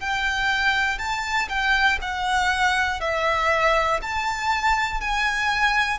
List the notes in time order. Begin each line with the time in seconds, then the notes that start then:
0.00 G5
0.98 A5
1.49 G5
2.01 F#5
3.00 E5
4.02 A5
5.00 G#5